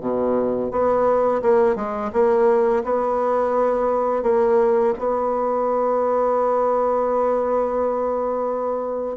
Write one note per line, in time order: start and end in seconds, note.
0.00 0.71 B2
0.71 1.41 B3
1.41 1.76 A#3
1.76 2.11 G#3
2.12 2.83 A#3
2.84 4.23 B3
4.23 4.93 A#3
4.98 9.16 B3